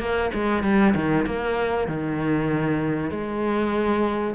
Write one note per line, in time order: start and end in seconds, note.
0.00 0.31 A#3
0.34 0.64 G#3
0.64 0.94 G3
0.95 1.26 D#3
1.26 1.88 A#3
1.88 3.11 D#3
3.11 4.35 G#3